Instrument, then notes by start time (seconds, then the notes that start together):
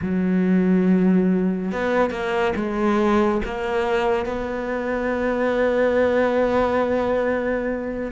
cello
0.01 F#3
1.71 B3
2.10 A#3
2.55 G#3
3.45 A#3
4.25 B3